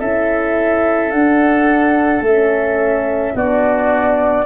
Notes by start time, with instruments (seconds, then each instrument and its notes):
0.00 tuba C#4, horn E4, oboe A4, flute E5
1.12 tuba D4, horn D4, flute F#5
2.21 tuba A3, horn C#4, flute E5
3.35 tuba B3, horn D4, oboe F#4, flute D5